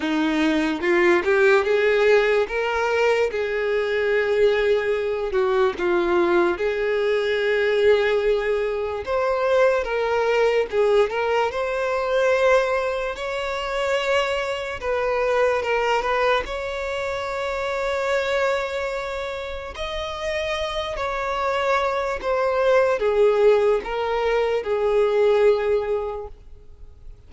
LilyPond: \new Staff \with { instrumentName = "violin" } { \time 4/4 \tempo 4 = 73 dis'4 f'8 g'8 gis'4 ais'4 | gis'2~ gis'8 fis'8 f'4 | gis'2. c''4 | ais'4 gis'8 ais'8 c''2 |
cis''2 b'4 ais'8 b'8 | cis''1 | dis''4. cis''4. c''4 | gis'4 ais'4 gis'2 | }